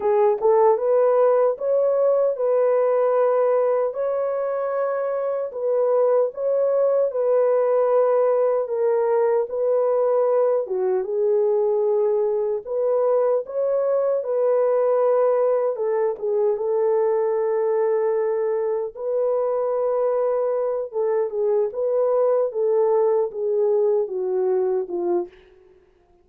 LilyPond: \new Staff \with { instrumentName = "horn" } { \time 4/4 \tempo 4 = 76 gis'8 a'8 b'4 cis''4 b'4~ | b'4 cis''2 b'4 | cis''4 b'2 ais'4 | b'4. fis'8 gis'2 |
b'4 cis''4 b'2 | a'8 gis'8 a'2. | b'2~ b'8 a'8 gis'8 b'8~ | b'8 a'4 gis'4 fis'4 f'8 | }